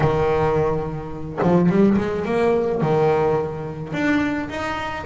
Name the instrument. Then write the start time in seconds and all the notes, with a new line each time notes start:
double bass
0.00 D#3
1.42 F3
1.69 G3
1.97 G#3
2.25 A#3
2.81 D#3
3.92 D4
4.49 D#4